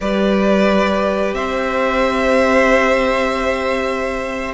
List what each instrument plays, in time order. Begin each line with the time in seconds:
0.00 cello G3, viola G4, violin B4 D5
1.33 cello C4, violin C5 E5